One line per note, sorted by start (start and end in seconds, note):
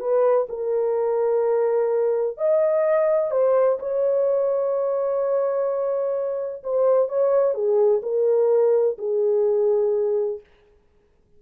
0.00 0.47 B4
0.49 2.37 A#4
2.37 3.31 D#5
3.31 3.79 C5
3.79 6.63 C#5
6.64 7.08 C5
7.08 7.54 C#5
7.54 8.02 G#4
8.03 8.97 A#4
8.98 10.40 G#4